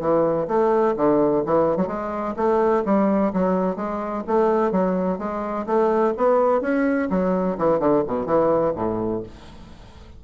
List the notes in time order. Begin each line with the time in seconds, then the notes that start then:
0.00 E3
0.47 A3
0.96 D3
1.46 E3
1.77 F#3
1.87 G#3
2.36 A3
2.85 G3
3.33 F#3
3.76 G#3
4.27 A3
4.72 F#3
5.18 G#3
5.66 A3
6.17 B3
6.61 C#4
7.10 F#3
7.58 E3
7.80 D3
8.07 B2
8.26 E3
8.76 A2